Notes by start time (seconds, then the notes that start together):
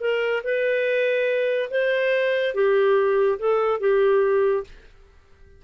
0.00 A#4
0.43 B4
1.70 C5
2.54 G4
3.38 A4
3.80 G4